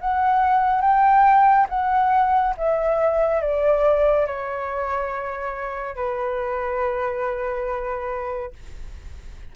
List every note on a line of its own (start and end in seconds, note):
0.00 0.81 F#5
0.81 1.66 G5
1.69 2.54 F#5
2.57 3.41 E5
3.41 4.26 D5
4.26 5.95 C#5
5.95 8.52 B4